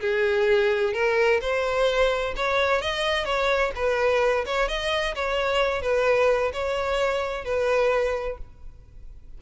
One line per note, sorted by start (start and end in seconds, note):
0.00 0.93 G#4
0.93 1.40 A#4
1.41 2.34 C5
2.36 2.81 C#5
2.81 3.24 D#5
3.24 3.71 C#5
3.75 4.45 B4
4.45 4.68 C#5
4.68 5.14 D#5
5.15 5.81 C#5
5.81 6.51 B4
6.53 7.44 C#5
7.44 8.37 B4